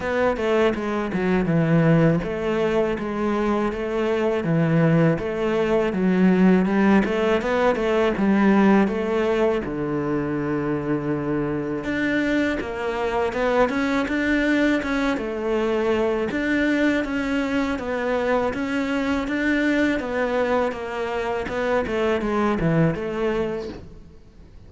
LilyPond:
\new Staff \with { instrumentName = "cello" } { \time 4/4 \tempo 4 = 81 b8 a8 gis8 fis8 e4 a4 | gis4 a4 e4 a4 | fis4 g8 a8 b8 a8 g4 | a4 d2. |
d'4 ais4 b8 cis'8 d'4 | cis'8 a4. d'4 cis'4 | b4 cis'4 d'4 b4 | ais4 b8 a8 gis8 e8 a4 | }